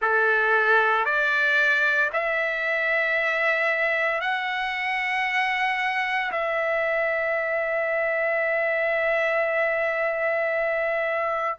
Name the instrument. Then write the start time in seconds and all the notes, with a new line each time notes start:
trumpet
0.01 A4
1.05 D5
2.12 E5
4.21 F#5
6.32 E5